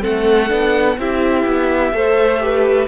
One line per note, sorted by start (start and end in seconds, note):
0.00 0.51 A3
0.00 0.48 C4
0.00 0.96 A4
0.00 0.99 F#5
0.48 0.97 B3
0.48 0.96 D4
0.97 1.45 C4
0.97 1.93 E4
0.97 1.95 G4
0.97 2.88 E5
1.45 1.92 B3
1.92 2.88 A3
1.92 2.40 A4
1.92 2.43 C5
2.40 2.88 G4
2.40 2.88 B4